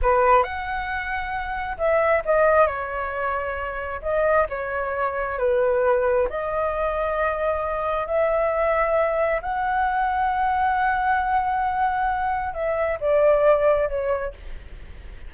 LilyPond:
\new Staff \with { instrumentName = "flute" } { \time 4/4 \tempo 4 = 134 b'4 fis''2. | e''4 dis''4 cis''2~ | cis''4 dis''4 cis''2 | b'2 dis''2~ |
dis''2 e''2~ | e''4 fis''2.~ | fis''1 | e''4 d''2 cis''4 | }